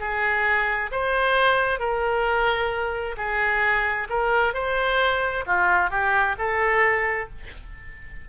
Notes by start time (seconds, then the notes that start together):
0.00 G#4
0.92 C5
1.80 A#4
3.17 G#4
4.10 A#4
4.54 C5
5.47 F4
5.90 G4
6.38 A4